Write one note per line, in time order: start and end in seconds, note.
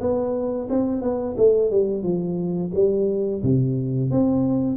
0.00 0.68 B3
0.69 1.01 C4
1.01 1.35 B3
1.37 1.71 A3
1.71 2.03 G3
2.03 2.71 F3
2.74 3.42 G3
3.42 4.10 C3
4.10 4.77 C4